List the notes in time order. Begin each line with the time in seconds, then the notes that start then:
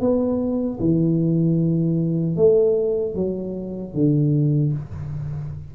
0.00 B3
0.80 E3
2.36 A3
3.15 F#3
3.94 D3